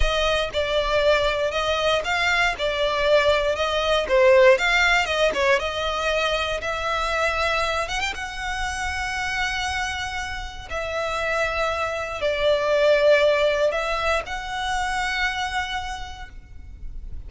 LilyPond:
\new Staff \with { instrumentName = "violin" } { \time 4/4 \tempo 4 = 118 dis''4 d''2 dis''4 | f''4 d''2 dis''4 | c''4 f''4 dis''8 cis''8 dis''4~ | dis''4 e''2~ e''8 fis''16 g''16 |
fis''1~ | fis''4 e''2. | d''2. e''4 | fis''1 | }